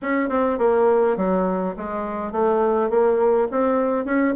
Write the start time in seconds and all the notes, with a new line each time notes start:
0.02 C#4
0.29 C4
0.58 A#3
1.17 F#3
1.76 G#3
2.31 A3
2.89 A#3
3.51 C4
4.05 C#4